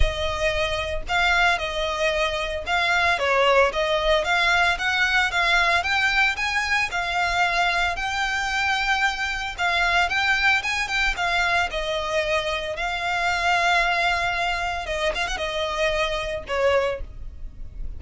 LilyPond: \new Staff \with { instrumentName = "violin" } { \time 4/4 \tempo 4 = 113 dis''2 f''4 dis''4~ | dis''4 f''4 cis''4 dis''4 | f''4 fis''4 f''4 g''4 | gis''4 f''2 g''4~ |
g''2 f''4 g''4 | gis''8 g''8 f''4 dis''2 | f''1 | dis''8 f''16 fis''16 dis''2 cis''4 | }